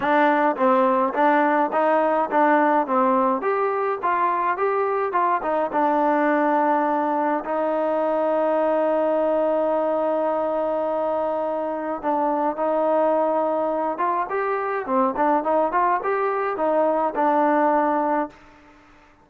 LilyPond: \new Staff \with { instrumentName = "trombone" } { \time 4/4 \tempo 4 = 105 d'4 c'4 d'4 dis'4 | d'4 c'4 g'4 f'4 | g'4 f'8 dis'8 d'2~ | d'4 dis'2.~ |
dis'1~ | dis'4 d'4 dis'2~ | dis'8 f'8 g'4 c'8 d'8 dis'8 f'8 | g'4 dis'4 d'2 | }